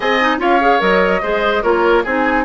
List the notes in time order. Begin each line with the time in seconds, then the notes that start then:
0.00 C4 G#4 D#5 G#5
0.20 D#4
0.37 C#4 F4 C#5 F5
0.60 G#4
0.79 F#3 A#4 D#5
1.22 G#3 G#4 C5
1.62 A#3 F4 A#4 C#5
2.03 C4 D#4 G#4 G#5